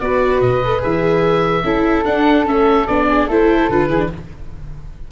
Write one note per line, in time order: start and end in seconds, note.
0.00 0.41 B3
0.00 0.63 F#4
0.00 1.64 B4
0.00 0.41 D5
0.41 0.82 B2
0.41 0.81 D#5
0.64 0.79 A4
0.79 1.63 E3
0.79 1.61 G#4
0.79 2.04 E5
1.63 2.04 C#4
1.63 2.05 E4
1.63 3.07 A4
2.04 2.45 D4
2.04 2.47 D4
2.04 2.45 F#5
2.45 2.87 A3
2.45 2.86 C#4
2.45 2.87 E5
2.87 3.26 B3
2.87 3.30 D4
2.87 3.27 D5
3.07 3.27 G#4
3.26 3.67 A3
3.26 3.70 E4
3.26 3.87 A4
3.26 3.70 C5
3.69 3.89 D3
3.69 3.89 F4
3.69 4.11 B4
3.87 4.09 E3
3.87 3.97 E4
3.87 4.08 G#4
3.97 4.07 D4